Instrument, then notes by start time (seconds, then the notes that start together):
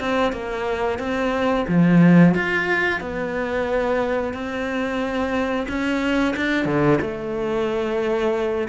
cello
0.00 C4
0.32 A#3
0.99 C4
1.68 F3
2.35 F4
3.01 B3
4.34 C4
5.68 C#4
6.36 D4
6.65 D3
7.02 A3